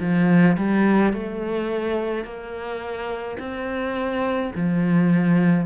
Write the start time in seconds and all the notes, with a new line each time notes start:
0.00 F3
0.57 G3
1.13 A3
2.24 A#3
3.39 C4
4.55 F3